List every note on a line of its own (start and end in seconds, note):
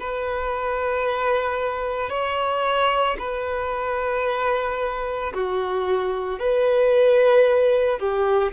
0.00 2.10 B4
2.10 3.17 C#5
3.19 5.33 B4
5.34 6.39 F#4
6.39 7.99 B4
7.99 8.53 G4